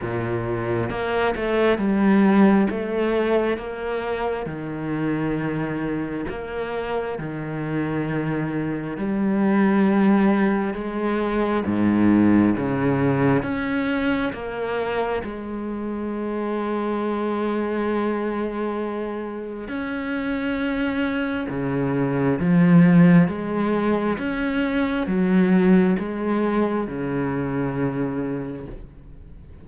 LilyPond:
\new Staff \with { instrumentName = "cello" } { \time 4/4 \tempo 4 = 67 ais,4 ais8 a8 g4 a4 | ais4 dis2 ais4 | dis2 g2 | gis4 gis,4 cis4 cis'4 |
ais4 gis2.~ | gis2 cis'2 | cis4 f4 gis4 cis'4 | fis4 gis4 cis2 | }